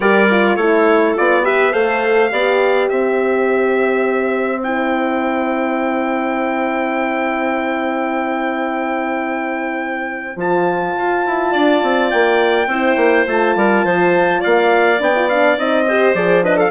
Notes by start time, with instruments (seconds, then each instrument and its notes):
0.00 bassoon G3, horn G4, clarinet A#4, trumpet D5
0.30 horn F4
0.55 bassoon A3, horn E4, clarinet A4, trumpet C#5
1.16 bassoon B3, horn F4, trumpet D5
1.43 horn G4, clarinet B4, trumpet E5
1.72 bassoon A3, horn A4, clarinet C5, trumpet F5
2.30 bassoon B3, horn G4, clarinet D5
2.89 bassoon C4, clarinet C5, trumpet E5
4.62 horn E4, trumpet G5
10.35 bassoon F3, horn F4, trumpet A5
10.97 bassoon F4
11.26 bassoon E4
11.51 bassoon D4, clarinet D5
11.82 bassoon C4
12.10 bassoon A#3, trumpet G5
12.67 bassoon C4, horn E4, clarinet C5
12.96 bassoon A#3
13.26 bassoon A3, horn F4, trumpet A5
13.55 bassoon G3, clarinet A#4
13.84 bassoon F3, clarinet C5
14.40 bassoon A#3, clarinet D5, trumpet F5
14.98 bassoon B3, horn D4, trumpet G5
15.15 horn F4
15.29 horn D4, trumpet F5
15.58 bassoon C4, horn D#4, trumpet D#5
15.87 horn G4, clarinet C5
16.14 bassoon F3, horn G#4, trumpet D5
16.43 horn D4, clarinet B4, trumpet D#5
16.56 clarinet A4, trumpet F5